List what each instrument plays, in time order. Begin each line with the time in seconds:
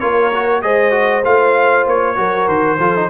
0.00 tuba A#3, trombone F4, horn A#4, trumpet C#5
0.35 trombone F#4
0.62 tuba G#3, trombone G#4, horn C5, trumpet D#5
0.91 trombone F#4
1.25 tuba A3, trombone F4, trumpet F5
1.87 tuba A#3, trumpet C#5
2.16 tuba F#3, trombone F#4, horn A#4
2.48 tuba D#3, trumpet C5
2.80 tuba F3, trombone F4, horn A4
2.96 trombone D#4